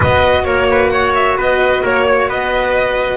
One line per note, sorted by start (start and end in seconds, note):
0.00 0.44 B3
0.00 3.17 F#4
0.00 0.45 B4
0.00 0.44 D#5
0.44 1.36 A#3
0.44 0.68 A#4
0.44 0.89 C#5
0.70 0.92 B4
0.89 1.37 C#5
0.89 1.12 F#5
1.14 1.37 E5
1.36 1.82 B3
1.36 1.82 B4
1.36 1.84 D#5
1.82 2.28 A#3
1.82 2.05 A#4
1.82 2.29 C#5
2.06 2.28 C#5
2.28 3.17 B3
2.28 3.17 B4
2.28 3.17 D#5